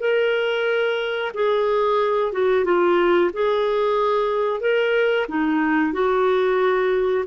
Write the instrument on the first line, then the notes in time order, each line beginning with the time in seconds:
clarinet
0.00 A#4
1.34 G#4
2.32 F#4
2.65 F4
3.33 G#4
4.61 A#4
5.29 D#4
5.93 F#4